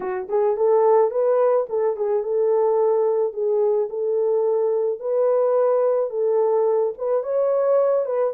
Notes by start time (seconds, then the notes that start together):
0.00 F#4
0.29 G#4
0.56 A4
1.10 B4
1.69 A4
1.96 G#4
2.23 A4
3.33 G#4
3.89 A4
4.99 B4
6.10 A4
6.97 B4
7.23 C#5
8.05 B4